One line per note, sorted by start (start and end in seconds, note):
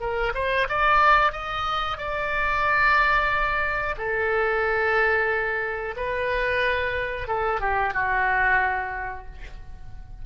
0.00 0.33 A#4
0.35 0.68 C5
0.69 1.32 D5
1.32 1.98 D#5
1.98 3.96 D5
3.98 5.96 A4
5.96 7.28 B4
7.28 7.61 A4
7.61 7.94 G4
7.94 9.26 F#4